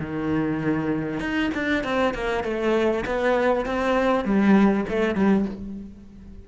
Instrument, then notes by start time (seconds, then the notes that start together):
cello
0.00 D#3
1.20 D#4
1.55 D4
1.84 C4
2.15 A#3
2.44 A3
3.06 B3
3.66 C4
4.25 G3
4.90 A3
5.15 G3